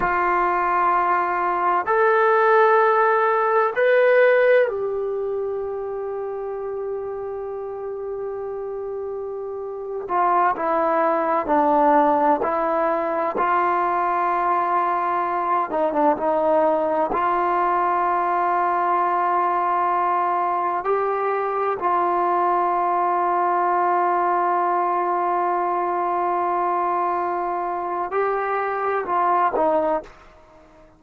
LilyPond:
\new Staff \with { instrumentName = "trombone" } { \time 4/4 \tempo 4 = 64 f'2 a'2 | b'4 g'2.~ | g'2~ g'8. f'8 e'8.~ | e'16 d'4 e'4 f'4.~ f'16~ |
f'8. dis'16 d'16 dis'4 f'4.~ f'16~ | f'2~ f'16 g'4 f'8.~ | f'1~ | f'2 g'4 f'8 dis'8 | }